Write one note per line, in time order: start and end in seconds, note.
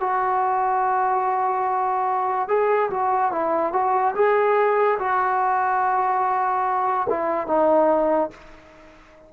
0.00 2.48 F#4
2.48 2.89 G#4
2.90 3.31 F#4
3.31 3.72 E4
3.72 4.14 F#4
4.15 4.98 G#4
4.98 7.07 F#4
7.09 7.47 E4
7.47 8.30 D#4